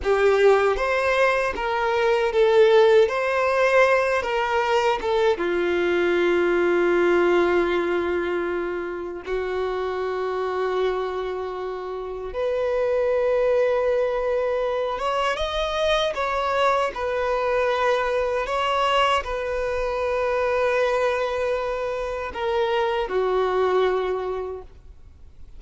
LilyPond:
\new Staff \with { instrumentName = "violin" } { \time 4/4 \tempo 4 = 78 g'4 c''4 ais'4 a'4 | c''4. ais'4 a'8 f'4~ | f'1 | fis'1 |
b'2.~ b'8 cis''8 | dis''4 cis''4 b'2 | cis''4 b'2.~ | b'4 ais'4 fis'2 | }